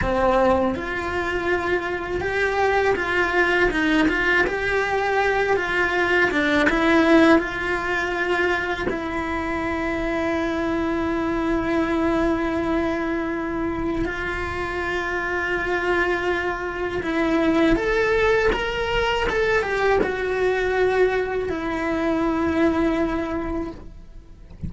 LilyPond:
\new Staff \with { instrumentName = "cello" } { \time 4/4 \tempo 4 = 81 c'4 f'2 g'4 | f'4 dis'8 f'8 g'4. f'8~ | f'8 d'8 e'4 f'2 | e'1~ |
e'2. f'4~ | f'2. e'4 | a'4 ais'4 a'8 g'8 fis'4~ | fis'4 e'2. | }